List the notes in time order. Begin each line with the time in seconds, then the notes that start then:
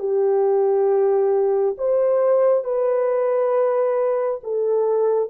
0.00 G4
1.78 C5
2.65 B4
4.44 A4